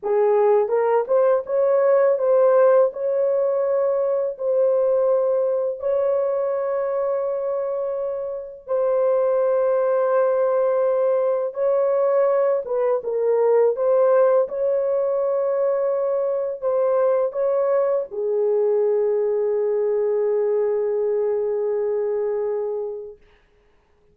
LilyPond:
\new Staff \with { instrumentName = "horn" } { \time 4/4 \tempo 4 = 83 gis'4 ais'8 c''8 cis''4 c''4 | cis''2 c''2 | cis''1 | c''1 |
cis''4. b'8 ais'4 c''4 | cis''2. c''4 | cis''4 gis'2.~ | gis'1 | }